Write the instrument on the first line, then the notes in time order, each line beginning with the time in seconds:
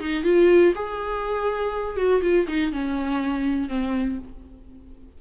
viola
0.00 D#4
0.24 F4
0.75 G#4
1.97 F#4
2.22 F4
2.48 D#4
2.72 C#4
3.69 C4